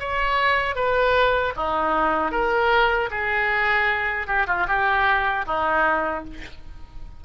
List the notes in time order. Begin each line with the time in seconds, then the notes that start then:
0.00 C#5
0.76 B4
1.57 D#4
2.32 A#4
3.11 G#4
4.28 G4
4.48 F4
4.68 G4
5.47 D#4